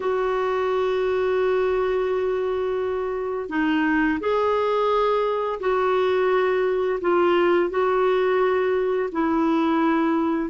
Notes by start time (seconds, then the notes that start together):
0.00 F#4
3.49 D#4
4.20 G#4
5.60 F#4
7.00 F4
7.69 F#4
9.11 E4